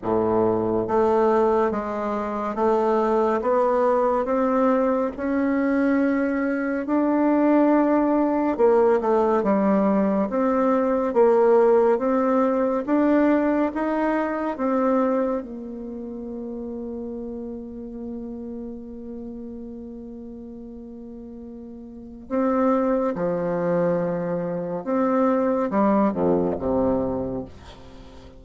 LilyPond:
\new Staff \with { instrumentName = "bassoon" } { \time 4/4 \tempo 4 = 70 a,4 a4 gis4 a4 | b4 c'4 cis'2 | d'2 ais8 a8 g4 | c'4 ais4 c'4 d'4 |
dis'4 c'4 ais2~ | ais1~ | ais2 c'4 f4~ | f4 c'4 g8 f,8 c4 | }